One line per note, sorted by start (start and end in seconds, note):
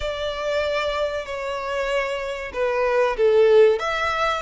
0.00 1.25 D5
1.25 2.51 C#5
2.53 3.16 B4
3.16 3.79 A4
3.79 4.42 E5